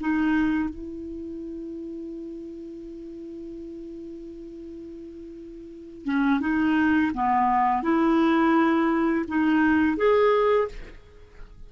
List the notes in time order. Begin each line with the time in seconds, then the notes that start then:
0.00 D#4
0.69 E4
6.05 C#4
6.41 D#4
7.14 B3
7.83 E4
9.28 D#4
9.97 G#4